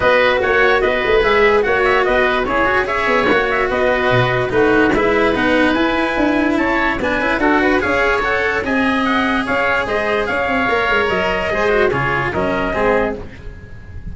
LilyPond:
<<
  \new Staff \with { instrumentName = "trumpet" } { \time 4/4 \tempo 4 = 146 dis''4 fis''4 dis''4 e''4 | fis''8 e''8 dis''4 cis''4 e''4 | fis''8 e''8 dis''2 b'4 | e''4 fis''4 gis''2 |
a''4 gis''4 fis''4 f''4 | fis''4 gis''4 fis''4 f''4 | dis''4 f''2 dis''4~ | dis''4 cis''4 dis''2 | }
  \new Staff \with { instrumentName = "oboe" } { \time 4/4 b'4 cis''4 b'2 | cis''4 b'4 gis'4 cis''4~ | cis''4 b'2 fis'4 | b'1 |
cis''4 b'4 a'8 b'8 cis''4~ | cis''4 dis''2 cis''4 | c''4 cis''2. | c''4 gis'4 ais'4 gis'4 | }
  \new Staff \with { instrumentName = "cello" } { \time 4/4 fis'2. gis'4 | fis'2 e'8 fis'8 gis'4 | fis'2. dis'4 | e'4 dis'4 e'2~ |
e'4 d'8 e'8 fis'4 gis'4 | a'4 gis'2.~ | gis'2 ais'2 | gis'8 fis'8 f'4 cis'4 c'4 | }
  \new Staff \with { instrumentName = "tuba" } { \time 4/4 b4 ais4 b8 a8 gis4 | ais4 b4 cis'4. b8 | ais4 b4 b,4 a4 | gis4 b4 e'4 d'4 |
cis'4 b8 cis'8 d'4 cis'4~ | cis'4 c'2 cis'4 | gis4 cis'8 c'8 ais8 gis8 fis4 | gis4 cis4 fis4 gis4 | }
>>